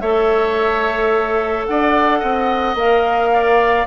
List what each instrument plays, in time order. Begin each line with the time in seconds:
0.00 bassoon A3, clarinet A4, oboe C#5, flute E5
1.66 bassoon D4, oboe D5, flute F#5
2.19 bassoon C4, oboe D#5
2.75 bassoon A#3, clarinet A#4, flute F5
3.33 oboe D5